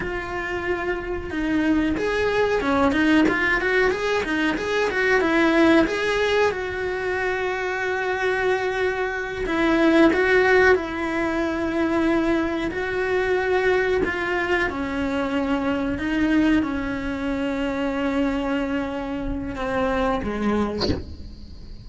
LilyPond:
\new Staff \with { instrumentName = "cello" } { \time 4/4 \tempo 4 = 92 f'2 dis'4 gis'4 | cis'8 dis'8 f'8 fis'8 gis'8 dis'8 gis'8 fis'8 | e'4 gis'4 fis'2~ | fis'2~ fis'8 e'4 fis'8~ |
fis'8 e'2. fis'8~ | fis'4. f'4 cis'4.~ | cis'8 dis'4 cis'2~ cis'8~ | cis'2 c'4 gis4 | }